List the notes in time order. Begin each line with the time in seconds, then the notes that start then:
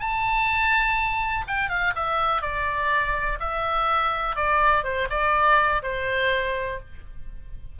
0.00 A5
1.48 G5
1.69 F5
1.96 E5
2.42 D5
3.40 E5
4.36 D5
4.84 C5
5.10 D5
5.83 C5